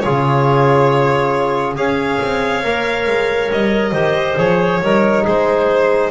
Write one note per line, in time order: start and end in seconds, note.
0.00 1.76 C#3
0.00 1.76 F4
0.00 1.78 G#4
0.00 1.74 C#5
1.76 2.20 C#4
1.76 2.63 G#4
1.76 3.92 C#5
1.76 3.51 F5
2.22 2.64 C4
2.63 3.07 A#3
2.63 3.93 A#4
3.07 3.50 G#3
3.52 3.92 G3
3.52 4.39 D#5
3.92 4.36 D#3
3.92 4.38 G4
3.92 4.79 C5
4.38 4.81 F3
4.38 4.81 G#4
4.38 5.26 C#5
4.82 5.26 G3
4.82 6.11 D#4
4.82 5.23 A#4
5.23 6.11 G#3
5.23 6.10 G#4
5.23 6.11 C5